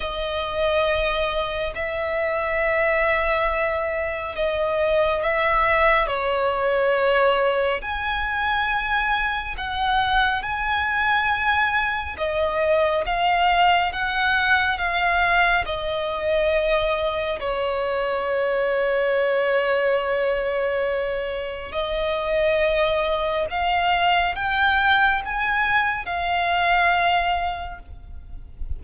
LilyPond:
\new Staff \with { instrumentName = "violin" } { \time 4/4 \tempo 4 = 69 dis''2 e''2~ | e''4 dis''4 e''4 cis''4~ | cis''4 gis''2 fis''4 | gis''2 dis''4 f''4 |
fis''4 f''4 dis''2 | cis''1~ | cis''4 dis''2 f''4 | g''4 gis''4 f''2 | }